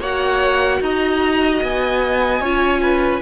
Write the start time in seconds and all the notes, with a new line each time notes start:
0.00 A#3 F#4 C#5 F#5
0.80 D#4 D#5 A#5
1.62 B3 G#5
2.41 C#4 F4 C#5
2.82 B4